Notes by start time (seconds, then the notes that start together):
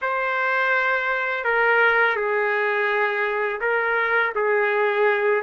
0.01 C5
1.44 A#4
2.16 G#4
3.60 A#4
4.35 G#4